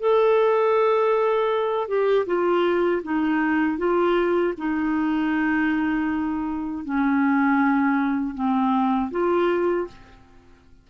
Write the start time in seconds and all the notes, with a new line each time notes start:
0.00 A4
1.88 G4
2.26 F4
3.03 D#4
3.78 F4
4.57 D#4
6.84 C#4
8.34 C4
9.11 F4